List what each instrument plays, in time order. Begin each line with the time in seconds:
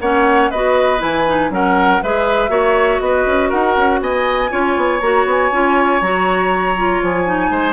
0.00 bassoon A#3, clarinet C#4, oboe C#5, flute F#5
0.51 bassoon B3, clarinet F#4, oboe B4, flute D#5
0.99 bassoon E3, clarinet E4, flute G#5
1.27 clarinet D#4
1.50 bassoon F#3, clarinet C#4, oboe A#4, flute F#5
2.03 bassoon G#3, clarinet G#4, oboe B4, flute E5
2.49 bassoon A#3, clarinet F#4, oboe C#5
3.00 bassoon B3, oboe B4, flute D#5
3.26 bassoon C#4
3.49 bassoon D#4, oboe A#4, flute F#5
3.77 bassoon C#4
4.01 bassoon B3, oboe D#5, flute G#5
4.51 bassoon C#4, clarinet F4, oboe C#5
4.77 bassoon B3
5.01 bassoon A#3, clarinet F#4, flute A#5
5.25 bassoon B3, flute G#5
5.52 bassoon C#4, clarinet F4
6.01 bassoon F#3, clarinet F#4, flute A#5
6.77 clarinet F4
7.02 bassoon F3, flute G#5
7.25 clarinet D#4
7.50 bassoon G#3, oboe C5